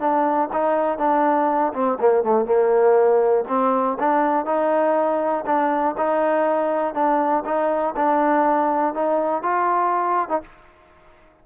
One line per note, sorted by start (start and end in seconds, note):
0.00 0.49 D4
0.53 0.98 D#4
0.98 1.73 D4
1.74 1.98 C4
2.00 2.24 A#3
2.24 2.46 A3
2.46 3.45 A#3
3.48 3.98 C4
4.00 4.46 D4
4.46 5.45 D#4
5.46 5.96 D4
5.98 6.94 D#4
6.94 7.44 D4
7.45 7.95 D#4
7.97 8.95 D4
8.95 9.43 D#4
9.43 10.29 F4
10.29 10.42 D#4